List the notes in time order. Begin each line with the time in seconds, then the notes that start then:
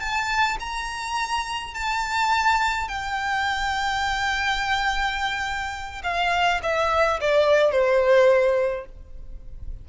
0.00 A5
0.59 A#5
1.74 A5
2.88 G5
6.03 F5
6.62 E5
7.21 D5
7.71 C5